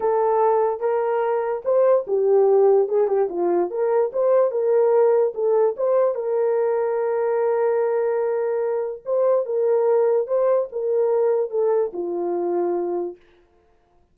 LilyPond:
\new Staff \with { instrumentName = "horn" } { \time 4/4 \tempo 4 = 146 a'2 ais'2 | c''4 g'2 gis'8 g'8 | f'4 ais'4 c''4 ais'4~ | ais'4 a'4 c''4 ais'4~ |
ais'1~ | ais'2 c''4 ais'4~ | ais'4 c''4 ais'2 | a'4 f'2. | }